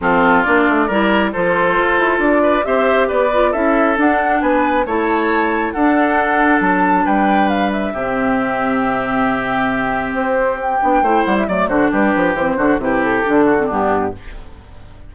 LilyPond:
<<
  \new Staff \with { instrumentName = "flute" } { \time 4/4 \tempo 4 = 136 a'4 d''2 c''4~ | c''4 d''4 e''4 d''4 | e''4 fis''4 gis''4 a''4~ | a''4 fis''2 a''4 |
g''4 f''8 e''2~ e''8~ | e''2. c''4 | g''4. fis''16 e''16 d''8 c''8 b'4 | c''4 b'8 a'4. g'4 | }
  \new Staff \with { instrumentName = "oboe" } { \time 4/4 f'2 ais'4 a'4~ | a'4. b'8 c''4 b'4 | a'2 b'4 cis''4~ | cis''4 a'2. |
b'2 g'2~ | g'1~ | g'4 c''4 d''8 fis'8 g'4~ | g'8 fis'8 g'4. fis'8 d'4 | }
  \new Staff \with { instrumentName = "clarinet" } { \time 4/4 c'4 d'4 e'4 f'4~ | f'2 g'4. f'8 | e'4 d'2 e'4~ | e'4 d'2.~ |
d'2 c'2~ | c'1~ | c'8 d'8 e'4 a8 d'4. | c'8 d'8 e'4 d'8. c'16 b4 | }
  \new Staff \with { instrumentName = "bassoon" } { \time 4/4 f4 ais8 a8 g4 f4 | f'8 e'8 d'4 c'4 b4 | cis'4 d'4 b4 a4~ | a4 d'2 fis4 |
g2 c2~ | c2. c'4~ | c'8 b8 a8 g8 fis8 d8 g8 f8 | e8 d8 c4 d4 g,4 | }
>>